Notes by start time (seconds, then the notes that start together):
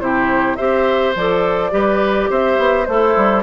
0.00 C3 E4 G4 C5
0.56 C4 G4 C5 E5
1.15 F3 A4 D5
1.71 G3 G4 B4
2.30 C4 C5 E5
2.58 B3
2.85 A3 E4 A4 C5
3.16 G3